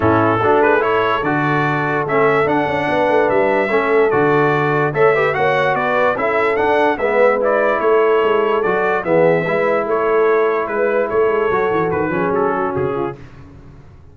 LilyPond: <<
  \new Staff \with { instrumentName = "trumpet" } { \time 4/4 \tempo 4 = 146 a'4. b'8 cis''4 d''4~ | d''4 e''4 fis''2 | e''2 d''2 | e''4 fis''4 d''4 e''4 |
fis''4 e''4 d''4 cis''4~ | cis''4 d''4 e''2 | cis''2 b'4 cis''4~ | cis''4 b'4 a'4 gis'4 | }
  \new Staff \with { instrumentName = "horn" } { \time 4/4 e'4 fis'8 gis'8 a'2~ | a'2. b'4~ | b'4 a'2. | cis''8 b'8 cis''4 b'4 a'4~ |
a'4 b'2 a'4~ | a'2 gis'4 b'4 | a'2 b'4 a'4~ | a'4. gis'4 fis'4 f'8 | }
  \new Staff \with { instrumentName = "trombone" } { \time 4/4 cis'4 d'4 e'4 fis'4~ | fis'4 cis'4 d'2~ | d'4 cis'4 fis'2 | a'8 g'8 fis'2 e'4 |
d'4 b4 e'2~ | e'4 fis'4 b4 e'4~ | e'1 | fis'4. cis'2~ cis'8 | }
  \new Staff \with { instrumentName = "tuba" } { \time 4/4 a,4 a2 d4~ | d4 a4 d'8 cis'8 b8 a8 | g4 a4 d2 | a4 ais4 b4 cis'4 |
d'4 gis2 a4 | gis4 fis4 e4 gis4 | a2 gis4 a8 gis8 | fis8 e8 dis8 f8 fis4 cis4 | }
>>